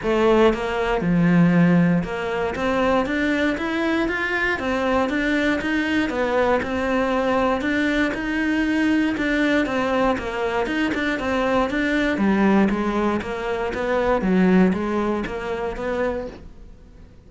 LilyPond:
\new Staff \with { instrumentName = "cello" } { \time 4/4 \tempo 4 = 118 a4 ais4 f2 | ais4 c'4 d'4 e'4 | f'4 c'4 d'4 dis'4 | b4 c'2 d'4 |
dis'2 d'4 c'4 | ais4 dis'8 d'8 c'4 d'4 | g4 gis4 ais4 b4 | fis4 gis4 ais4 b4 | }